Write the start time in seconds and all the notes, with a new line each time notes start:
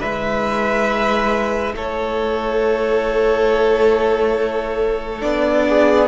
0.00 G#3 E4 B4 E5
1.75 A3 A4 C#5
5.21 B3 D4 D5
5.69 G#4